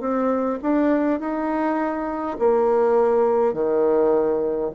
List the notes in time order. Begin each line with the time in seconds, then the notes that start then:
0.00 C4
0.62 D4
1.20 D#4
2.39 A#3
3.53 D#3